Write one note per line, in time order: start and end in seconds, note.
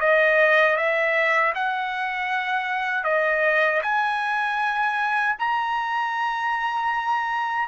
0.00 0.76 D#5
0.76 1.53 E5
1.55 3.04 F#5
3.04 3.81 D#5
3.82 5.36 G#5
5.39 7.68 A#5